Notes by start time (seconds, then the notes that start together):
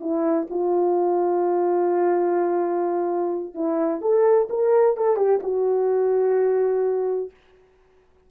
0.00 E4
0.50 F4
3.54 E4
4.01 A4
4.49 A#4
4.96 A4
5.16 G4
5.42 F#4